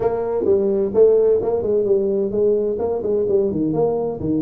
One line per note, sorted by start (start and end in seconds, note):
0.00 0.44 A#3
0.44 0.91 G3
0.93 1.40 A3
1.42 1.62 A#3
1.62 1.85 G#3
1.85 2.31 G3
2.31 2.77 G#3
2.78 3.01 A#3
3.03 3.26 G#3
3.28 3.51 G3
3.51 3.73 D#3
3.73 4.19 A#3
4.20 4.41 D#3